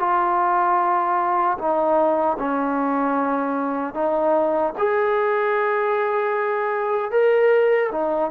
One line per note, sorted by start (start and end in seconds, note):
0.00 1.58 F4
1.59 2.38 D#4
2.39 3.95 C#4
3.95 4.74 D#4
4.78 7.12 G#4
7.12 7.91 A#4
7.92 8.31 D#4